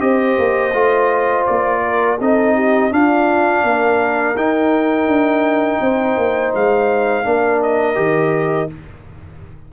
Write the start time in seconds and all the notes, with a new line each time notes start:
0.00 C4 G4 C5 D#5
0.39 A#3
0.74 A3 F4
1.47 A#3 D5
1.83 A#4
2.20 C4 D#4 A4 D#5
2.56 G4
2.91 D4 F4 F5
3.64 A#3 A#4
4.36 D#4 G5
5.08 D4
5.81 C4 C5
6.17 A#3
6.55 G#3 F5
7.24 A#3 D4 A#4
7.63 D#5
7.95 D#3 G4